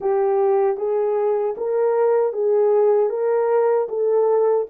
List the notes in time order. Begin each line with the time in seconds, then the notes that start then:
0.00 G4
0.77 G#4
1.57 A#4
2.32 G#4
3.09 A#4
3.89 A4